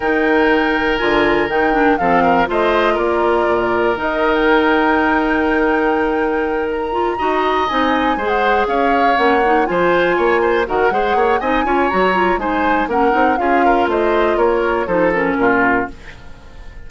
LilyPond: <<
  \new Staff \with { instrumentName = "flute" } { \time 4/4 \tempo 4 = 121 g''2 gis''4 g''4 | f''4 dis''4 d''2 | dis''8. g''2.~ g''16~ | g''4. ais''2 gis''8~ |
gis''8. fis''8. f''4 fis''4 gis''8~ | gis''4. fis''4. gis''4 | ais''4 gis''4 fis''4 f''4 | dis''4 cis''4 c''8 ais'4. | }
  \new Staff \with { instrumentName = "oboe" } { \time 4/4 ais'1 | a'8 ais'8 c''4 ais'2~ | ais'1~ | ais'2~ ais'8 dis''4.~ |
dis''8 c''4 cis''2 c''8~ | c''8 cis''8 c''8 ais'8 c''8 cis''8 dis''8 cis''8~ | cis''4 c''4 ais'4 gis'8 ais'8 | c''4 ais'4 a'4 f'4 | }
  \new Staff \with { instrumentName = "clarinet" } { \time 4/4 dis'2 f'4 dis'8 d'8 | c'4 f'2. | dis'1~ | dis'2 f'8 fis'4 dis'8~ |
dis'8 gis'2 cis'8 dis'8 f'8~ | f'4. fis'8 gis'4 dis'8 f'8 | fis'8 f'8 dis'4 cis'8 dis'8 f'4~ | f'2 dis'8 cis'4. | }
  \new Staff \with { instrumentName = "bassoon" } { \time 4/4 dis2 d4 dis4 | f4 a4 ais4 ais,4 | dis1~ | dis2~ dis8 dis'4 c'8~ |
c'8 gis4 cis'4 ais4 f8~ | f8 ais4 dis8 gis8 ais8 c'8 cis'8 | fis4 gis4 ais8 c'8 cis'4 | a4 ais4 f4 ais,4 | }
>>